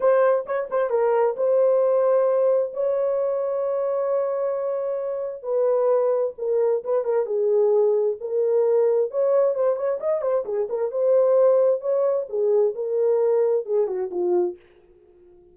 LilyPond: \new Staff \with { instrumentName = "horn" } { \time 4/4 \tempo 4 = 132 c''4 cis''8 c''8 ais'4 c''4~ | c''2 cis''2~ | cis''1 | b'2 ais'4 b'8 ais'8 |
gis'2 ais'2 | cis''4 c''8 cis''8 dis''8 c''8 gis'8 ais'8 | c''2 cis''4 gis'4 | ais'2 gis'8 fis'8 f'4 | }